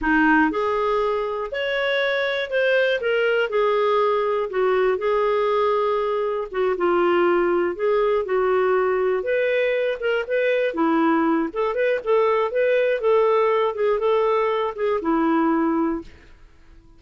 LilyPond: \new Staff \with { instrumentName = "clarinet" } { \time 4/4 \tempo 4 = 120 dis'4 gis'2 cis''4~ | cis''4 c''4 ais'4 gis'4~ | gis'4 fis'4 gis'2~ | gis'4 fis'8 f'2 gis'8~ |
gis'8 fis'2 b'4. | ais'8 b'4 e'4. a'8 b'8 | a'4 b'4 a'4. gis'8 | a'4. gis'8 e'2 | }